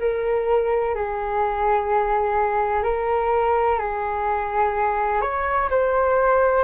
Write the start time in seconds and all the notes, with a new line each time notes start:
0.00 A#4
0.95 G#4
2.84 A#4
3.79 G#4
5.22 C#5
5.70 C5